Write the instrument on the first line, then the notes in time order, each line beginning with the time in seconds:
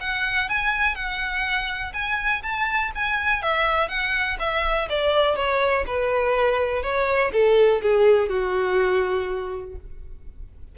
violin
0.00 F#5
0.49 G#5
0.95 F#5
1.93 G#5
2.42 A5
2.95 G#5
3.42 E5
3.88 F#5
4.39 E5
4.89 D5
5.36 C#5
5.86 B4
6.82 C#5
7.33 A4
7.82 G#4
8.29 F#4